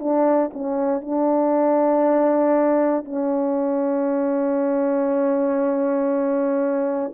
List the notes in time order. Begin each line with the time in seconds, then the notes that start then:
0.00 D4
0.53 C#4
1.02 D4
3.05 C#4